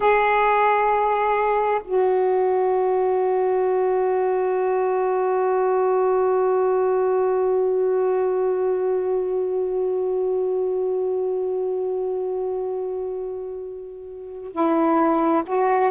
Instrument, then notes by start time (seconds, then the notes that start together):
saxophone
0.00 G#4
1.84 F#4
14.52 E4
15.46 F#4